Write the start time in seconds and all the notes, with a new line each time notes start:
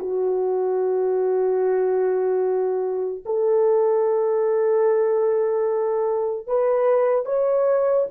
0.00 F#4
3.25 A4
6.48 B4
7.26 C#5